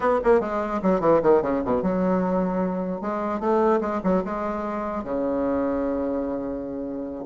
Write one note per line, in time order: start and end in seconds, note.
0.00 0.20 B3
0.23 0.40 A#3
0.40 0.80 G#3
0.82 1.00 F#3
1.00 1.20 E3
1.22 1.42 D#3
1.42 1.62 C#3
1.64 1.82 B2
1.82 3.01 F#3
3.01 3.40 G#3
3.40 3.80 A3
3.81 4.01 G#3
4.03 4.23 F#3
4.24 5.04 G#3
5.04 7.25 C#3